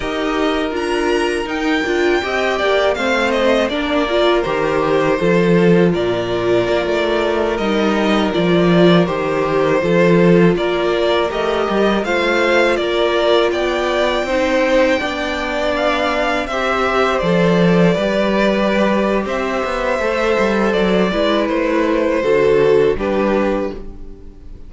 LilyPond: <<
  \new Staff \with { instrumentName = "violin" } { \time 4/4 \tempo 4 = 81 dis''4 ais''4 g''2 | f''8 dis''8 d''4 c''2 | d''2~ d''16 dis''4 d''8.~ | d''16 c''2 d''4 dis''8.~ |
dis''16 f''4 d''4 g''4.~ g''16~ | g''4~ g''16 f''4 e''4 d''8.~ | d''2 e''2 | d''4 c''2 b'4 | }
  \new Staff \with { instrumentName = "violin" } { \time 4/4 ais'2. dis''8 d''8 | c''4 ais'2 a'4 | ais'1~ | ais'4~ ais'16 a'4 ais'4.~ ais'16~ |
ais'16 c''4 ais'4 d''4 c''8.~ | c''16 d''2 c''4.~ c''16~ | c''16 b'4.~ b'16 c''2~ | c''8 b'4. a'4 g'4 | }
  \new Staff \with { instrumentName = "viola" } { \time 4/4 g'4 f'4 dis'8 f'8 g'4 | c'4 d'8 f'8 g'4 f'4~ | f'2~ f'16 dis'4 f'8.~ | f'16 g'4 f'2 g'8.~ |
g'16 f'2. dis'8.~ | dis'16 d'2 g'4 a'8.~ | a'16 g'2~ g'8. a'4~ | a'8 e'4. fis'4 d'4 | }
  \new Staff \with { instrumentName = "cello" } { \time 4/4 dis'4 d'4 dis'8 d'8 c'8 ais8 | a4 ais4 dis4 f4 | ais,4 ais16 a4 g4 f8.~ | f16 dis4 f4 ais4 a8 g16~ |
g16 a4 ais4 b4 c'8.~ | c'16 b2 c'4 f8.~ | f16 g4.~ g16 c'8 b8 a8 g8 | fis8 gis8 a4 d4 g4 | }
>>